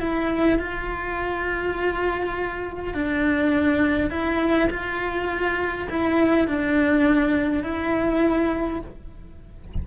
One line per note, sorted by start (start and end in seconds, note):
0.00 0.59 E4
0.59 2.94 F4
2.94 4.10 D4
4.10 4.69 E4
4.71 5.88 F4
5.90 6.48 E4
6.48 7.63 D4
7.63 8.81 E4